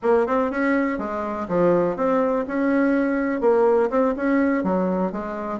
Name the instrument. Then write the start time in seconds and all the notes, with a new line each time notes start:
bassoon
0.02 A#3
0.26 C4
0.51 C#4
0.98 G#3
1.48 F3
1.96 C4
2.47 C#4
3.40 A#3
3.90 C4
4.16 C#4
4.63 F#3
5.12 G#3